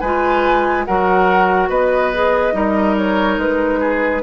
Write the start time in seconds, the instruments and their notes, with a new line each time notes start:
0.00 bassoon G#3, clarinet F4, oboe B4, flute G#5
0.85 bassoon F#3, clarinet F#4, oboe A#4, flute F#5
1.69 bassoon B3, oboe B4, flute D#5
2.14 clarinet G#4
2.52 bassoon G3, clarinet D#4, oboe A#4
2.98 flute C#5
3.38 bassoon G#3, flute B4
3.80 oboe G#4